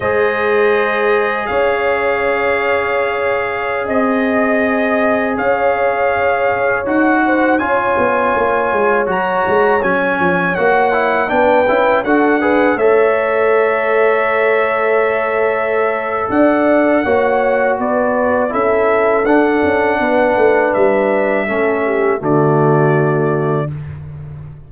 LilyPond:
<<
  \new Staff \with { instrumentName = "trumpet" } { \time 4/4 \tempo 4 = 81 dis''2 f''2~ | f''4~ f''16 dis''2 f''8.~ | f''4~ f''16 fis''4 gis''4.~ gis''16~ | gis''16 ais''4 gis''4 fis''4 g''8.~ |
g''16 fis''4 e''2~ e''8.~ | e''2 fis''2 | d''4 e''4 fis''2 | e''2 d''2 | }
  \new Staff \with { instrumentName = "horn" } { \time 4/4 c''2 cis''2~ | cis''4~ cis''16 dis''2 cis''8.~ | cis''4.~ cis''16 c''8 cis''4.~ cis''16~ | cis''2.~ cis''16 b'8.~ |
b'16 a'8 b'8 cis''2~ cis''8.~ | cis''2 d''4 cis''4 | b'4 a'2 b'4~ | b'4 a'8 g'8 fis'2 | }
  \new Staff \with { instrumentName = "trombone" } { \time 4/4 gis'1~ | gis'1~ | gis'4~ gis'16 fis'4 f'4.~ f'16~ | f'16 fis'4 cis'4 fis'8 e'8 d'8 e'16~ |
e'16 fis'8 gis'8 a'2~ a'8.~ | a'2. fis'4~ | fis'4 e'4 d'2~ | d'4 cis'4 a2 | }
  \new Staff \with { instrumentName = "tuba" } { \time 4/4 gis2 cis'2~ | cis'4~ cis'16 c'2 cis'8.~ | cis'4~ cis'16 dis'4 cis'8 b8 ais8 gis16~ | gis16 fis8 gis8 fis8 f8 ais4 b8 cis'16~ |
cis'16 d'4 a2~ a8.~ | a2 d'4 ais4 | b4 cis'4 d'8 cis'8 b8 a8 | g4 a4 d2 | }
>>